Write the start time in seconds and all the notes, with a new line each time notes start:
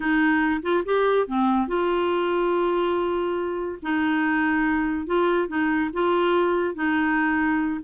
0.00 D#4
0.62 F4
0.85 G4
1.27 C4
1.67 F4
3.82 D#4
5.06 F4
5.48 D#4
5.93 F4
6.74 D#4